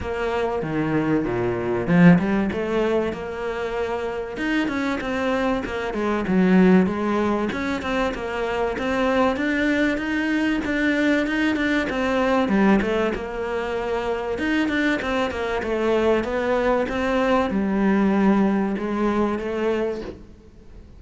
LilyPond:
\new Staff \with { instrumentName = "cello" } { \time 4/4 \tempo 4 = 96 ais4 dis4 ais,4 f8 g8 | a4 ais2 dis'8 cis'8 | c'4 ais8 gis8 fis4 gis4 | cis'8 c'8 ais4 c'4 d'4 |
dis'4 d'4 dis'8 d'8 c'4 | g8 a8 ais2 dis'8 d'8 | c'8 ais8 a4 b4 c'4 | g2 gis4 a4 | }